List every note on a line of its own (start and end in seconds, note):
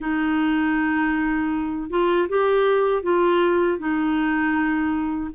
0.00 1.90 D#4
1.90 2.28 F4
2.29 3.02 G4
3.02 3.78 F4
3.78 5.30 D#4